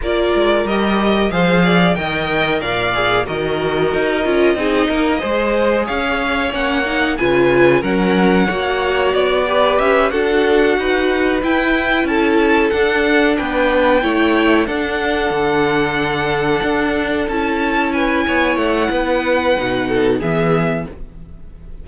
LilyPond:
<<
  \new Staff \with { instrumentName = "violin" } { \time 4/4 \tempo 4 = 92 d''4 dis''4 f''4 g''4 | f''4 dis''2.~ | dis''4 f''4 fis''4 gis''4 | fis''2 d''4 e''8 fis''8~ |
fis''4. g''4 a''4 fis''8~ | fis''8 g''2 fis''4.~ | fis''2~ fis''8 a''4 gis''8~ | gis''8 fis''2~ fis''8 e''4 | }
  \new Staff \with { instrumentName = "violin" } { \time 4/4 ais'2 c''8 d''8 dis''4 | d''4 ais'2 gis'8 ais'8 | c''4 cis''2 b'4 | ais'4 cis''4. b'4 a'8~ |
a'8 b'2 a'4.~ | a'8 b'4 cis''4 a'4.~ | a'2.~ a'8 b'8 | cis''4 b'4. a'8 gis'4 | }
  \new Staff \with { instrumentName = "viola" } { \time 4/4 f'4 g'4 gis'4 ais'4~ | ais'8 gis'8 fis'4. f'8 dis'4 | gis'2 cis'8 dis'8 f'4 | cis'4 fis'4. g'4 fis'8~ |
fis'4. e'2 d'8~ | d'4. e'4 d'4.~ | d'2~ d'8 e'4.~ | e'2 dis'4 b4 | }
  \new Staff \with { instrumentName = "cello" } { \time 4/4 ais8 gis8 g4 f4 dis4 | ais,4 dis4 dis'8 cis'8 c'8 ais8 | gis4 cis'4 ais4 cis4 | fis4 ais4 b4 cis'8 d'8~ |
d'8 dis'4 e'4 cis'4 d'8~ | d'8 b4 a4 d'4 d8~ | d4. d'4 cis'4. | b8 a8 b4 b,4 e4 | }
>>